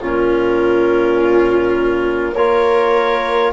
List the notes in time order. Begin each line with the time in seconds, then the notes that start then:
0.00 A#2 C#4 F4 A#4
2.34 A#3 F4 A#4 C#5